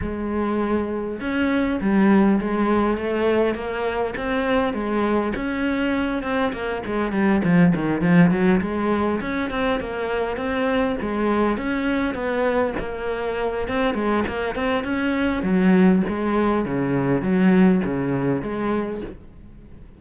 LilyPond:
\new Staff \with { instrumentName = "cello" } { \time 4/4 \tempo 4 = 101 gis2 cis'4 g4 | gis4 a4 ais4 c'4 | gis4 cis'4. c'8 ais8 gis8 | g8 f8 dis8 f8 fis8 gis4 cis'8 |
c'8 ais4 c'4 gis4 cis'8~ | cis'8 b4 ais4. c'8 gis8 | ais8 c'8 cis'4 fis4 gis4 | cis4 fis4 cis4 gis4 | }